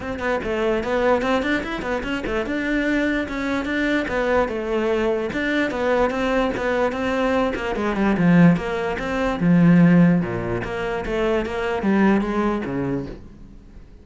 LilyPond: \new Staff \with { instrumentName = "cello" } { \time 4/4 \tempo 4 = 147 c'8 b8 a4 b4 c'8 d'8 | e'8 b8 cis'8 a8 d'2 | cis'4 d'4 b4 a4~ | a4 d'4 b4 c'4 |
b4 c'4. ais8 gis8 g8 | f4 ais4 c'4 f4~ | f4 ais,4 ais4 a4 | ais4 g4 gis4 cis4 | }